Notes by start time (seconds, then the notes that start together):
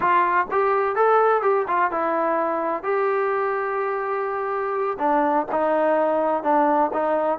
0.00 F4
0.51 G4
0.95 A4
1.42 G4
1.67 F4
1.91 E4
2.83 G4
4.98 D4
5.51 D#4
6.43 D4
6.93 D#4